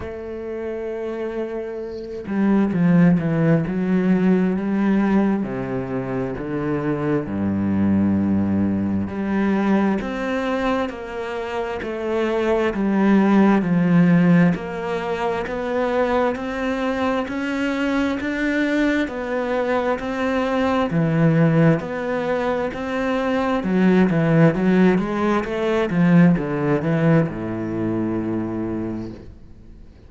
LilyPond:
\new Staff \with { instrumentName = "cello" } { \time 4/4 \tempo 4 = 66 a2~ a8 g8 f8 e8 | fis4 g4 c4 d4 | g,2 g4 c'4 | ais4 a4 g4 f4 |
ais4 b4 c'4 cis'4 | d'4 b4 c'4 e4 | b4 c'4 fis8 e8 fis8 gis8 | a8 f8 d8 e8 a,2 | }